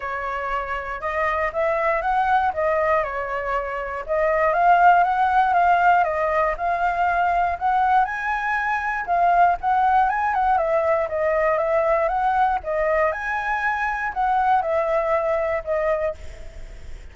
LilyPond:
\new Staff \with { instrumentName = "flute" } { \time 4/4 \tempo 4 = 119 cis''2 dis''4 e''4 | fis''4 dis''4 cis''2 | dis''4 f''4 fis''4 f''4 | dis''4 f''2 fis''4 |
gis''2 f''4 fis''4 | gis''8 fis''8 e''4 dis''4 e''4 | fis''4 dis''4 gis''2 | fis''4 e''2 dis''4 | }